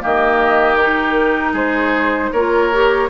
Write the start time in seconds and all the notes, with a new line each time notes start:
0.00 D#3 A#3 G4 D#5
0.77 D#4 A#4
1.52 G#3 G#4 C5
2.32 A#3 F4 A#4 C#5
2.72 G4